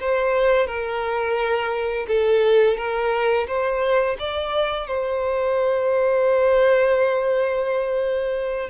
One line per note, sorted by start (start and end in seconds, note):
0.00 0.67 C5
0.67 2.06 A#4
2.07 2.77 A4
2.77 3.47 A#4
3.47 4.17 C5
4.19 4.87 D5
4.87 8.69 C5